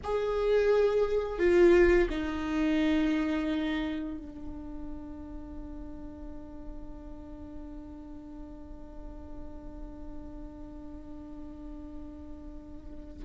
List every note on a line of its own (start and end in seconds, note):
0.03 1.39 G#4
1.39 2.08 F4
2.09 4.17 D#4
4.17 13.24 D4